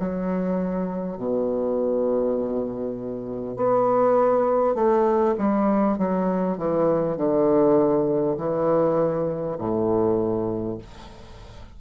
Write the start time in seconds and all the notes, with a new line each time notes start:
0.00 F#3
1.18 B2
3.57 B3
4.75 A3
5.39 G3
5.99 F#3
6.58 E3
7.17 D3
8.38 E3
9.59 A2